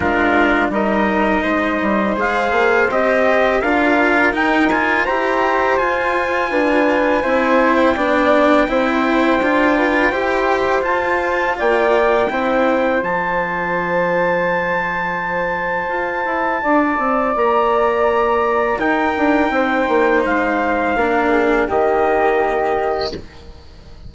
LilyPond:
<<
  \new Staff \with { instrumentName = "trumpet" } { \time 4/4 \tempo 4 = 83 ais'4 dis''2 f''4 | dis''4 f''4 g''8 gis''8 ais''4 | gis''2~ gis''8. g''4~ g''16~ | g''2. a''4 |
g''2 a''2~ | a''1 | ais''2 g''2 | f''2 dis''2 | }
  \new Staff \with { instrumentName = "flute" } { \time 4/4 f'4 ais'4 c''2~ | c''4 ais'2 c''4~ | c''4 b'4 c''4 d''4 | c''4. b'8 c''2 |
d''4 c''2.~ | c''2. d''4~ | d''2 ais'4 c''4~ | c''4 ais'8 gis'8 g'2 | }
  \new Staff \with { instrumentName = "cello" } { \time 4/4 d'4 dis'2 gis'4 | g'4 f'4 dis'8 f'8 g'4 | f'2 e'4 d'4 | e'4 f'4 g'4 f'4~ |
f'4 e'4 f'2~ | f'1~ | f'2 dis'2~ | dis'4 d'4 ais2 | }
  \new Staff \with { instrumentName = "bassoon" } { \time 4/4 gis4 g4 gis8 g8 gis8 ais8 | c'4 d'4 dis'4 e'4 | f'4 d'4 c'4 b4 | c'4 d'4 e'4 f'4 |
ais4 c'4 f2~ | f2 f'8 e'8 d'8 c'8 | ais2 dis'8 d'8 c'8 ais8 | gis4 ais4 dis2 | }
>>